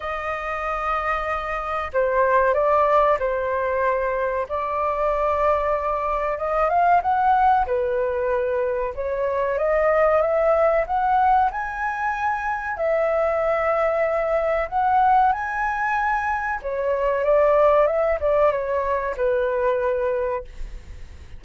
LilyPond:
\new Staff \with { instrumentName = "flute" } { \time 4/4 \tempo 4 = 94 dis''2. c''4 | d''4 c''2 d''4~ | d''2 dis''8 f''8 fis''4 | b'2 cis''4 dis''4 |
e''4 fis''4 gis''2 | e''2. fis''4 | gis''2 cis''4 d''4 | e''8 d''8 cis''4 b'2 | }